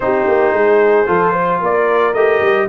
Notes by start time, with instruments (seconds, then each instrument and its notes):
0.00 tuba C4, trombone D#4, horn G4, trumpet C5
0.27 tuba A#3
0.53 tuba G#3, horn G#4
1.06 tuba F3, trombone F4, horn A4
1.31 horn C5
1.60 tuba A#3, horn A#4, trumpet D5
2.13 tuba A3, trombone G4, trumpet D#5
2.41 tuba G3